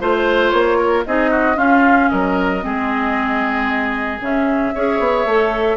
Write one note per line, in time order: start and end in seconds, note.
0.00 0.52 A3
0.00 1.05 F4
0.00 0.50 C5
0.00 0.77 C5
0.50 1.05 A#3
0.50 1.02 C#5
0.77 1.04 A#4
1.06 1.56 C4
1.06 1.55 D#4
1.06 1.30 G#4
1.06 1.58 D#5
1.30 1.56 F#4
1.55 2.60 C#4
1.55 2.09 C#4
1.55 2.09 F4
1.55 2.09 F5
2.09 2.64 F#3
2.09 2.64 A#4
2.09 4.19 D#5
2.60 4.20 G#3
2.60 4.18 C4
2.60 4.74 G#4
4.20 4.72 C#3
4.20 4.74 C#4
4.20 5.77 E5
4.74 4.99 C#4
4.74 5.27 G#4
4.74 5.77 C#5
4.99 5.24 B3
5.24 5.77 A3
5.24 5.77 A4